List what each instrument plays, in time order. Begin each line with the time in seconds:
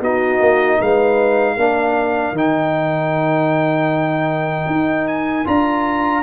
0.00 tuba B3, trombone D#4, horn F#4, trumpet D#5
0.40 tuba A#3
0.80 tuba G#3, horn B4, trumpet F5
1.55 tuba A#3, trombone D4, horn A#4
2.32 tuba D#3, trombone D#4, trumpet G5
4.66 tuba D#4
5.07 trumpet G#5
5.45 tuba D4, trombone F4, trumpet A#5